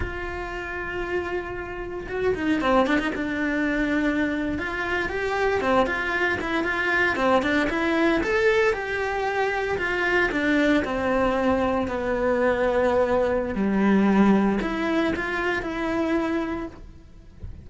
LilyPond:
\new Staff \with { instrumentName = "cello" } { \time 4/4 \tempo 4 = 115 f'1 | fis'8 dis'8 c'8 d'16 dis'16 d'2~ | d'8. f'4 g'4 c'8 f'8.~ | f'16 e'8 f'4 c'8 d'8 e'4 a'16~ |
a'8. g'2 f'4 d'16~ | d'8. c'2 b4~ b16~ | b2 g2 | e'4 f'4 e'2 | }